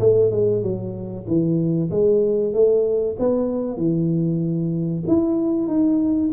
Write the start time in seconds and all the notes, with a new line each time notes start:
0.00 A3
0.31 G#3
0.63 F#3
1.27 E3
1.91 G#3
2.53 A3
3.19 B3
3.77 E3
5.08 E4
5.68 D#4